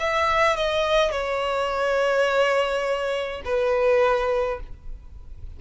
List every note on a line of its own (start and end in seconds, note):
0.00 0.57 E5
0.57 1.11 D#5
1.11 3.42 C#5
3.45 4.60 B4